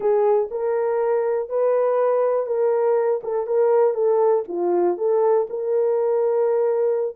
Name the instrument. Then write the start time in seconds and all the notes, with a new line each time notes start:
horn
0.00 G#4
0.50 A#4
1.49 B4
2.46 A#4
3.23 A4
3.46 A#4
3.94 A4
4.47 F4
4.97 A4
5.49 A#4